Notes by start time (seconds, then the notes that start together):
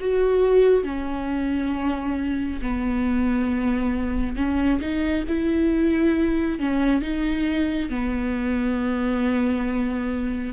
0.00 F#4
0.83 C#4
2.61 B3
4.36 C#4
4.81 D#4
5.28 E4
6.59 C#4
7.02 D#4
7.90 B3